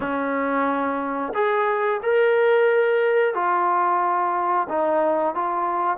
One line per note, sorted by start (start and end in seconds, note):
0.00 1.33 C#4
1.34 2.00 G#4
2.02 3.34 A#4
3.34 4.67 F4
4.68 5.35 D#4
5.35 5.97 F4